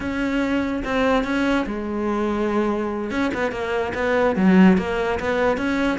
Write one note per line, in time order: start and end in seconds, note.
0.00 0.83 C#4
0.84 1.24 C4
1.24 1.65 C#4
1.66 3.10 G#3
3.10 3.31 C#4
3.34 3.51 B3
3.51 3.93 A#3
3.94 4.35 B3
4.36 4.77 F#3
4.77 5.19 A#3
5.19 5.57 B3
5.57 5.98 C#4